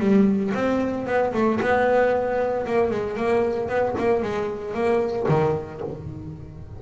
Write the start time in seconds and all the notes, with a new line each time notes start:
0.00 G3
0.55 C4
1.07 B3
1.34 A3
1.61 B3
2.67 A#3
2.91 G#3
3.17 A#3
3.69 B3
3.98 A#3
4.23 G#3
4.74 A#3
5.29 D#3